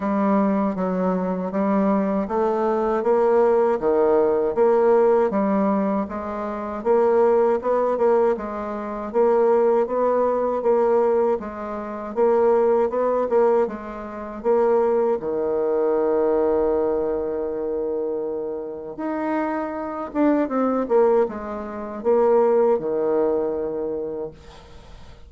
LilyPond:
\new Staff \with { instrumentName = "bassoon" } { \time 4/4 \tempo 4 = 79 g4 fis4 g4 a4 | ais4 dis4 ais4 g4 | gis4 ais4 b8 ais8 gis4 | ais4 b4 ais4 gis4 |
ais4 b8 ais8 gis4 ais4 | dis1~ | dis4 dis'4. d'8 c'8 ais8 | gis4 ais4 dis2 | }